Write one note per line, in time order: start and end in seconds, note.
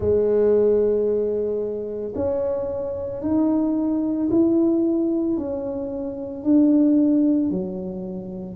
0.00 2.13 G#3
2.15 3.21 C#4
3.21 4.29 D#4
4.31 5.37 E4
5.37 6.43 C#4
6.43 7.50 D4
7.50 8.55 F#3